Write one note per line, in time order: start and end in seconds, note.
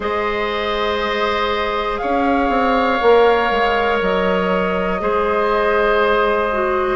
0.00 2.00 G#3
0.00 2.99 G#4
0.00 2.00 C5
0.00 1.97 D#5
1.97 2.48 C#4
1.97 5.01 C#5
1.97 3.98 F5
2.48 2.98 C4
3.00 3.50 A#3
3.00 4.99 A#4
3.50 4.00 G#3
4.01 5.00 F#3
4.01 6.95 D#5
4.99 6.95 G#3
4.99 6.49 G#4
4.99 6.95 C5
6.51 6.95 F#4